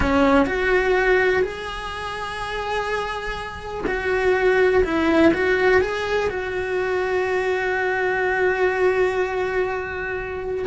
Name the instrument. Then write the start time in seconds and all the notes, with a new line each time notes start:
cello
0.00 C#4
0.46 F#4
1.42 G#4
3.86 F#4
4.84 E4
5.33 F#4
5.81 G#4
6.29 F#4